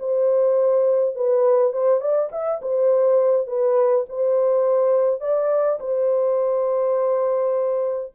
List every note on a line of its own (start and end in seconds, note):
0.00 1.16 C5
1.16 1.73 B4
1.73 2.01 C5
2.01 2.30 D5
2.32 2.61 E5
2.62 3.47 C5
3.47 4.06 B4
4.09 5.21 C5
5.21 5.79 D5
5.80 8.13 C5